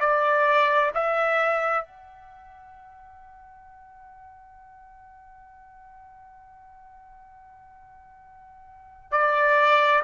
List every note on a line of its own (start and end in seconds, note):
0.00 0.91 D5
0.94 1.85 E5
1.85 9.11 F#5
9.11 10.02 D5